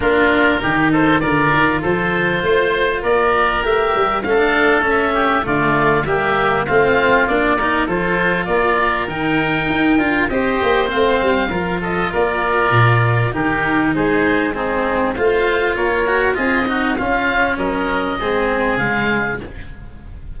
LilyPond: <<
  \new Staff \with { instrumentName = "oboe" } { \time 4/4 \tempo 4 = 99 ais'4. c''8 d''4 c''4~ | c''4 d''4 e''4 f''4 | e''4 d''4 e''4 f''4 | d''4 c''4 d''4 g''4~ |
g''4 dis''4 f''4. dis''8 | d''2 ais'4 c''4 | gis'4 f''4 cis''4 dis''4 | f''4 dis''2 f''4 | }
  \new Staff \with { instrumentName = "oboe" } { \time 4/4 f'4 g'8 a'8 ais'4 a'4 | c''4 ais'2 a'4~ | a'8 g'8 f'4 g'4 f'4~ | f'8 ais'8 a'4 ais'2~ |
ais'4 c''2 ais'8 a'8 | ais'2 g'4 gis'4 | dis'4 c''4 ais'4 gis'8 fis'8 | f'4 ais'4 gis'2 | }
  \new Staff \with { instrumentName = "cello" } { \time 4/4 d'4 dis'4 f'2~ | f'2 g'4 cis'16 d'8. | cis'4 a4 ais4 c'4 | d'8 dis'8 f'2 dis'4~ |
dis'8 f'8 g'4 c'4 f'4~ | f'2 dis'2 | c'4 f'4. fis'8 f'8 dis'8 | cis'2 c'4 gis4 | }
  \new Staff \with { instrumentName = "tuba" } { \time 4/4 ais4 dis4 d8 dis8 f4 | a4 ais4 a8 g8 a4~ | a4 d4 g4 a4 | ais4 f4 ais4 dis4 |
dis'8 d'8 c'8 ais8 a8 g8 f4 | ais4 ais,4 dis4 gis4~ | gis4 a4 ais4 c'4 | cis'4 fis4 gis4 cis4 | }
>>